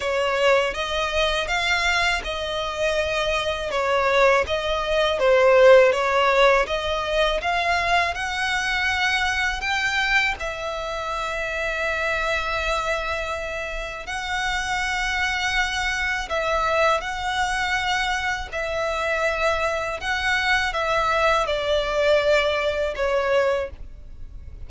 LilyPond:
\new Staff \with { instrumentName = "violin" } { \time 4/4 \tempo 4 = 81 cis''4 dis''4 f''4 dis''4~ | dis''4 cis''4 dis''4 c''4 | cis''4 dis''4 f''4 fis''4~ | fis''4 g''4 e''2~ |
e''2. fis''4~ | fis''2 e''4 fis''4~ | fis''4 e''2 fis''4 | e''4 d''2 cis''4 | }